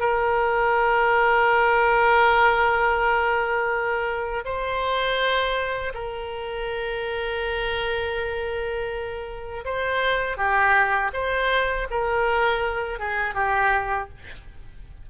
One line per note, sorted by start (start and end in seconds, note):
0.00 4.44 A#4
4.45 5.93 C5
5.94 9.64 A#4
9.65 10.37 C5
10.37 11.11 G4
11.13 11.88 C5
11.90 12.99 A#4
12.99 13.35 G#4
13.35 14.09 G4